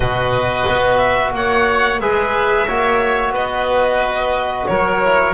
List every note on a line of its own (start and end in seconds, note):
0.00 0.65 B2
0.00 1.97 F#4
0.00 1.31 B4
0.00 0.97 D#5
0.67 1.32 B3
0.97 1.31 E5
1.32 1.99 A#3
1.32 2.01 C#5
1.32 2.00 F#5
1.99 2.66 G#3
1.99 2.68 G#4
1.99 2.67 B4
1.99 3.33 E5
2.67 3.31 A#3
2.67 5.01 F#4
2.67 3.33 C#5
3.31 4.64 B3
3.31 4.66 B4
3.31 4.67 D#5
4.67 5.33 F#3
4.67 5.33 A#4
4.67 5.33 C#5
5.04 5.33 E4